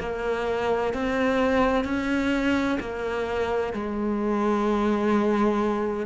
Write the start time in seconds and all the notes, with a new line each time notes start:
0.00 A#3
0.94 C4
1.85 C#4
2.80 A#3
3.73 G#3